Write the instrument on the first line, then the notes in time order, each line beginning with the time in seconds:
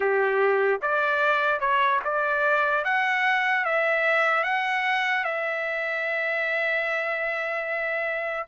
trumpet
0.00 G4
0.81 D5
1.59 C#5
2.04 D5
2.84 F#5
3.64 E5
4.43 F#5
5.24 E5